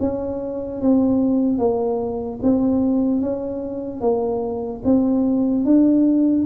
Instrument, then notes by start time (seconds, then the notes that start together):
tuba
0.00 C#4
0.81 C4
1.58 A#3
2.43 C4
3.21 C#4
4.01 A#3
4.84 C4
5.65 D4